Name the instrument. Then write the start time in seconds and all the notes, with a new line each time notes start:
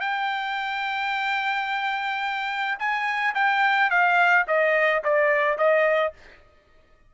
trumpet
0.00 G5
2.79 G#5
3.34 G5
3.90 F5
4.47 D#5
5.04 D5
5.58 D#5